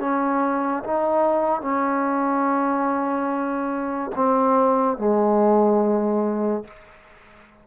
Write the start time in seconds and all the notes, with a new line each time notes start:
0.00 C#4
0.84 D#4
1.61 C#4
4.16 C4
4.98 G#3